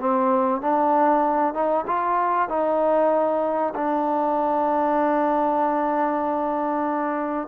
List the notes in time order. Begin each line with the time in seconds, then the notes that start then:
0.00 C4
0.61 D4
1.54 D#4
1.87 F4
2.49 D#4
3.75 D4